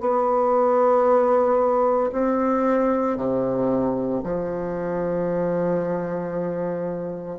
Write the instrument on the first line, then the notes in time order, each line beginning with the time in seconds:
bassoon
0.00 B3
2.12 C4
3.17 C3
4.23 F3